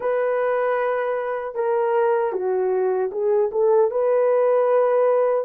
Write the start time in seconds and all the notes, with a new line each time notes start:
0.00 B4
1.54 A#4
2.32 F#4
3.11 G#4
3.51 A4
3.90 B4